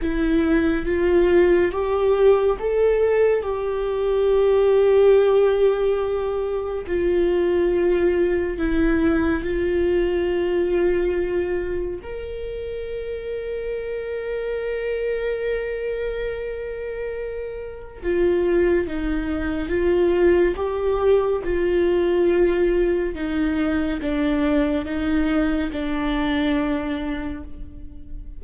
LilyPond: \new Staff \with { instrumentName = "viola" } { \time 4/4 \tempo 4 = 70 e'4 f'4 g'4 a'4 | g'1 | f'2 e'4 f'4~ | f'2 ais'2~ |
ais'1~ | ais'4 f'4 dis'4 f'4 | g'4 f'2 dis'4 | d'4 dis'4 d'2 | }